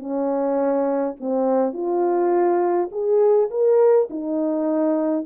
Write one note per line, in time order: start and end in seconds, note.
0.00 1.17 C#4
1.20 1.73 C4
1.73 2.90 F4
2.92 3.50 G#4
3.51 4.09 A#4
4.11 5.26 D#4